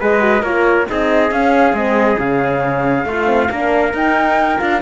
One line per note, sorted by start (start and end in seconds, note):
0.00 0.42 G#3
0.00 0.20 G#4
0.00 0.42 B4
0.00 0.43 D#5
0.20 0.42 F#4
0.42 0.86 A#3
0.42 0.88 F4
0.42 0.86 A#4
0.42 0.87 C#5
0.89 1.31 C4
0.89 1.33 D#4
0.89 3.07 G#4
0.89 1.32 D#5
1.31 1.73 C#4
1.31 1.75 C#4
1.31 1.75 F5
1.73 2.16 G#3
1.73 2.18 C4
1.73 2.19 D#5
2.18 3.04 C#3
2.18 3.05 C#4
2.18 3.94 F5
3.04 3.48 A3
3.04 3.50 F4
3.04 3.25 F4
3.25 3.47 C4
3.50 3.93 A#3
3.50 3.93 D4
3.50 4.81 A#4
3.93 4.59 D#4
3.93 4.58 D#4
3.93 4.59 G5
4.58 4.82 D4
4.58 4.79 F4
4.58 4.81 F5